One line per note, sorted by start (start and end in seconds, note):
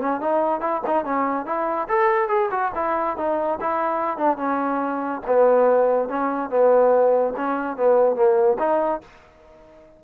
0.00 0.21 C#4
0.21 0.61 D#4
0.61 0.82 E4
0.87 1.05 D#4
1.05 1.46 C#4
1.46 1.88 E4
1.88 2.28 A4
2.28 2.49 G#4
2.51 2.72 F#4
2.75 3.17 E4
3.17 3.59 D#4
3.61 4.17 E4
4.17 4.37 D4
4.37 5.21 C#4
5.27 6.08 B3
6.08 6.50 C#4
6.50 7.34 B3
7.36 7.77 C#4
7.77 8.16 B3
8.16 8.58 A#3
8.59 9.01 D#4